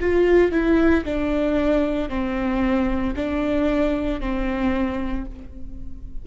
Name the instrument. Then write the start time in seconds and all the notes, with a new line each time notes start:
viola
0.00 F4
0.52 E4
1.05 D4
2.09 C4
3.16 D4
4.21 C4